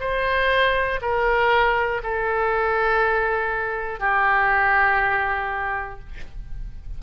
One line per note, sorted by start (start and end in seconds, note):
0.00 1.00 C5
1.01 2.01 A#4
2.03 4.00 A4
4.00 6.00 G4